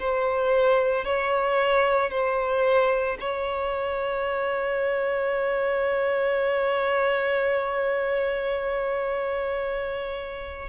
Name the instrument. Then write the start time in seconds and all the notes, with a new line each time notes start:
violin
0.00 C5
1.05 C#5
2.11 C5
3.20 C#5